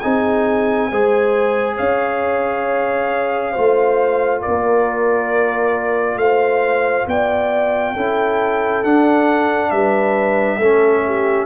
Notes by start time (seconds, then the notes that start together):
0.00 C4 D#4 G#4 G#5
0.91 G#3 G#4 C5
1.76 C#4 C#5 F5
3.52 A3 F4 C5
4.41 A#4 D5
4.48 A#3
6.16 A3 C5 F5
7.07 B3 D5 G5
7.94 C#4 E4 A4
8.84 D4 F#5
9.71 G3 B4 E5
10.58 A3 C#4 A4
11.06 G4